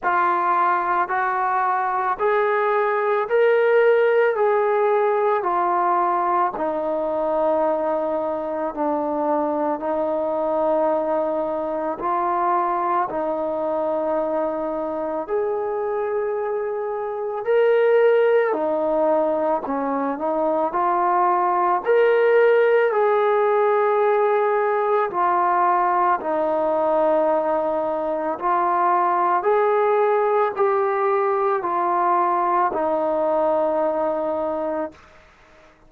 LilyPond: \new Staff \with { instrumentName = "trombone" } { \time 4/4 \tempo 4 = 55 f'4 fis'4 gis'4 ais'4 | gis'4 f'4 dis'2 | d'4 dis'2 f'4 | dis'2 gis'2 |
ais'4 dis'4 cis'8 dis'8 f'4 | ais'4 gis'2 f'4 | dis'2 f'4 gis'4 | g'4 f'4 dis'2 | }